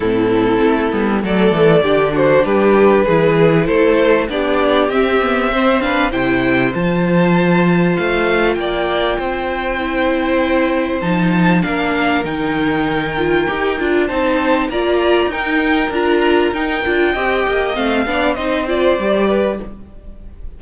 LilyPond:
<<
  \new Staff \with { instrumentName = "violin" } { \time 4/4 \tempo 4 = 98 a'2 d''4. c''8 | b'2 c''4 d''4 | e''4. f''8 g''4 a''4~ | a''4 f''4 g''2~ |
g''2 a''4 f''4 | g''2. a''4 | ais''4 g''4 ais''4 g''4~ | g''4 f''4 dis''8 d''4. | }
  \new Staff \with { instrumentName = "violin" } { \time 4/4 e'2 a'4 g'8 fis'8 | g'4 gis'4 a'4 g'4~ | g'4 c''8 b'8 c''2~ | c''2 d''4 c''4~ |
c''2. ais'4~ | ais'2. c''4 | d''4 ais'2. | dis''4. d''8 c''4. b'8 | }
  \new Staff \with { instrumentName = "viola" } { \time 4/4 c'4. b8 a4 d'4~ | d'4 e'2 d'4 | c'8 b8 c'8 d'8 e'4 f'4~ | f'1 |
e'2 dis'4 d'4 | dis'4. f'8 g'8 f'8 dis'4 | f'4 dis'4 f'4 dis'8 f'8 | g'4 c'8 d'8 dis'8 f'8 g'4 | }
  \new Staff \with { instrumentName = "cello" } { \time 4/4 a,4 a8 g8 fis8 e8 d4 | g4 e4 a4 b4 | c'2 c4 f4~ | f4 a4 ais4 c'4~ |
c'2 f4 ais4 | dis2 dis'8 d'8 c'4 | ais4 dis'4 d'4 dis'8 d'8 | c'8 ais8 a8 b8 c'4 g4 | }
>>